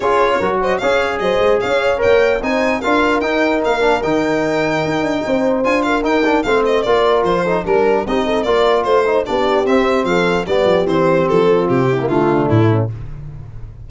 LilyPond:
<<
  \new Staff \with { instrumentName = "violin" } { \time 4/4 \tempo 4 = 149 cis''4. dis''8 f''4 dis''4 | f''4 g''4 gis''4 f''4 | g''4 f''4 g''2~ | g''2 gis''8 f''8 g''4 |
f''8 dis''8 d''4 c''4 ais'4 | dis''4 d''4 c''4 d''4 | e''4 f''4 d''4 c''4 | a'4 g'4 f'4 e'4 | }
  \new Staff \with { instrumentName = "horn" } { \time 4/4 gis'4 ais'8 c''8 cis''4 c''4 | cis''2 c''4 ais'4~ | ais'1~ | ais'4 c''4. ais'4. |
c''4 ais'4. a'8 ais'4 | g'8 a'8 ais'4 c''4 g'4~ | g'4 a'4 g'2~ | g'8 f'4 e'4 d'4 cis'8 | }
  \new Staff \with { instrumentName = "trombone" } { \time 4/4 f'4 fis'4 gis'2~ | gis'4 ais'4 dis'4 f'4 | dis'4. d'8 dis'2~ | dis'2 f'4 dis'8 d'8 |
c'4 f'4. dis'8 d'4 | dis'4 f'4. dis'8 d'4 | c'2 b4 c'4~ | c'4.~ c'16 ais16 a2 | }
  \new Staff \with { instrumentName = "tuba" } { \time 4/4 cis'4 fis4 cis'4 fis8 gis8 | cis'4 ais4 c'4 d'4 | dis'4 ais4 dis2 | dis'8 d'8 c'4 d'4 dis'4 |
a4 ais4 f4 g4 | c'4 ais4 a4 b4 | c'4 f4 g8 f8 e4 | f4 c4 d4 a,4 | }
>>